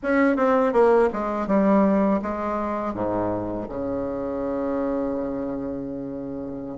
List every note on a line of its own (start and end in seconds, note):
0.02 0.36 C#4
0.36 0.73 C4
0.73 1.09 A#3
1.12 1.47 G#3
1.47 2.20 G3
2.22 2.94 G#3
2.94 3.67 G#2
3.69 6.78 C#3